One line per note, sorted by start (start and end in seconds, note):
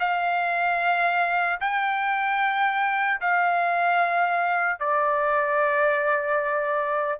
0.00 1.60 F5
1.61 3.21 G5
3.21 4.80 F5
4.80 7.20 D5